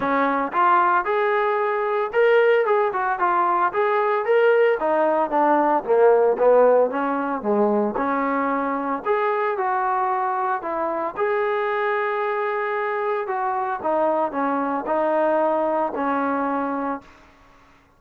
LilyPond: \new Staff \with { instrumentName = "trombone" } { \time 4/4 \tempo 4 = 113 cis'4 f'4 gis'2 | ais'4 gis'8 fis'8 f'4 gis'4 | ais'4 dis'4 d'4 ais4 | b4 cis'4 gis4 cis'4~ |
cis'4 gis'4 fis'2 | e'4 gis'2.~ | gis'4 fis'4 dis'4 cis'4 | dis'2 cis'2 | }